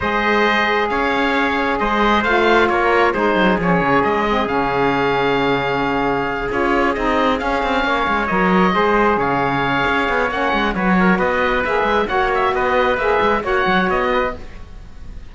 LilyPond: <<
  \new Staff \with { instrumentName = "oboe" } { \time 4/4 \tempo 4 = 134 dis''2 f''2 | dis''4 f''4 cis''4 c''4 | cis''4 dis''4 f''2~ | f''2~ f''8 cis''4 dis''8~ |
dis''8 f''2 dis''4.~ | dis''8 f''2~ f''8 fis''4 | cis''4 dis''4 e''4 fis''8 e''8 | dis''4 e''4 fis''4 dis''4 | }
  \new Staff \with { instrumentName = "trumpet" } { \time 4/4 c''2 cis''2 | c''2 ais'4 gis'4~ | gis'1~ | gis'1~ |
gis'4. cis''2 c''8~ | c''8 cis''2.~ cis''8 | b'8 ais'8 b'2 cis''4 | b'2 cis''4. b'8 | }
  \new Staff \with { instrumentName = "saxophone" } { \time 4/4 gis'1~ | gis'4 f'2 dis'4 | cis'4. c'8 cis'2~ | cis'2~ cis'8 f'4 dis'8~ |
dis'8 cis'2 ais'4 gis'8~ | gis'2. cis'4 | fis'2 gis'4 fis'4~ | fis'4 gis'4 fis'2 | }
  \new Staff \with { instrumentName = "cello" } { \time 4/4 gis2 cis'2 | gis4 a4 ais4 gis8 fis8 | f8 cis8 gis4 cis2~ | cis2~ cis8 cis'4 c'8~ |
c'8 cis'8 c'8 ais8 gis8 fis4 gis8~ | gis8 cis4. cis'8 b8 ais8 gis8 | fis4 b4 ais8 gis8 ais4 | b4 ais8 gis8 ais8 fis8 b4 | }
>>